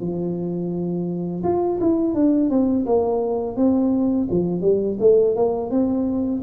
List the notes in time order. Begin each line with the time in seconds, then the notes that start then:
0.00 F3
1.44 F4
1.80 E4
2.14 D4
2.50 C4
2.86 A#3
3.56 C4
4.31 F3
4.62 G3
5.00 A3
5.36 A#3
5.70 C4